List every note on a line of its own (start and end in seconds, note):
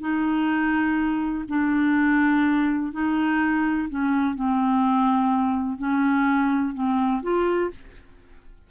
0.00 1.44 D#4
1.48 2.92 D4
2.92 3.88 D#4
3.89 4.35 C#4
4.35 5.78 C4
5.78 6.74 C#4
6.74 7.22 C4
7.22 7.70 F4